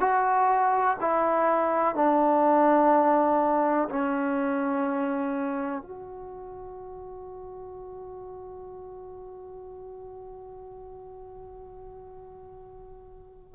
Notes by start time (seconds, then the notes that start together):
0.00 F#4
1.01 E4
1.95 D4
3.89 C#4
5.82 F#4